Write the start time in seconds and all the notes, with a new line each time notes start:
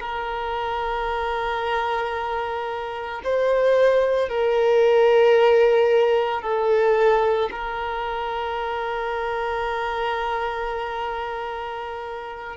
0.00 A#4
3.24 C5
4.29 A#4
6.42 A4
7.51 A#4